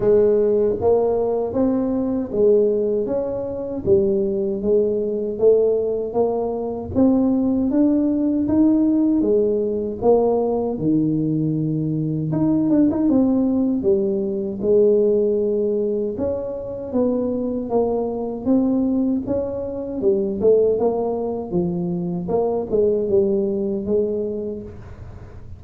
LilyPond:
\new Staff \with { instrumentName = "tuba" } { \time 4/4 \tempo 4 = 78 gis4 ais4 c'4 gis4 | cis'4 g4 gis4 a4 | ais4 c'4 d'4 dis'4 | gis4 ais4 dis2 |
dis'8 d'16 dis'16 c'4 g4 gis4~ | gis4 cis'4 b4 ais4 | c'4 cis'4 g8 a8 ais4 | f4 ais8 gis8 g4 gis4 | }